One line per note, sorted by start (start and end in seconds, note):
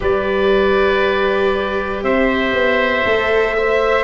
0.00 2.03 G3
0.00 3.03 G4
0.00 2.04 B4
0.00 2.03 D5
2.03 2.52 C4
2.03 3.56 C5
2.03 4.04 E5
2.52 3.03 B3
3.04 4.04 A3
3.04 3.56 A4
3.56 4.04 C5
3.56 4.04 E5